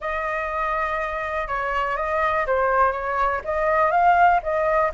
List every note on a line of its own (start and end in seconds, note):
0.00 1.47 D#5
1.47 1.96 C#5
1.96 2.46 D#5
2.46 2.92 C5
2.92 3.41 C#5
3.44 3.91 D#5
3.91 4.40 F5
4.42 4.91 D#5